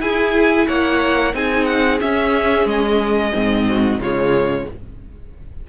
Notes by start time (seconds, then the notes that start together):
0.00 E4 G#4 G#5
0.68 A#3 C#5 F#5
1.33 C4 D#4 G#4 G#5
1.66 F#5
1.99 C#4 E5
2.65 G#3 D#5
3.34 G#2 C4
3.68 F#4
3.98 C#3 G#3 F4 C#5